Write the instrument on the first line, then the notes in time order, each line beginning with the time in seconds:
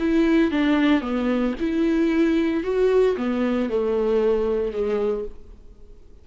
viola
0.00 E4
0.51 D4
1.02 B3
1.60 E4
2.64 F#4
3.17 B3
3.70 A3
4.72 G#3